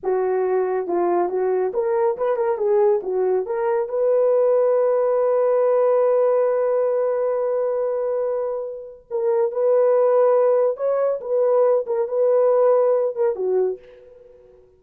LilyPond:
\new Staff \with { instrumentName = "horn" } { \time 4/4 \tempo 4 = 139 fis'2 f'4 fis'4 | ais'4 b'8 ais'8 gis'4 fis'4 | ais'4 b'2.~ | b'1~ |
b'1~ | b'4 ais'4 b'2~ | b'4 cis''4 b'4. ais'8 | b'2~ b'8 ais'8 fis'4 | }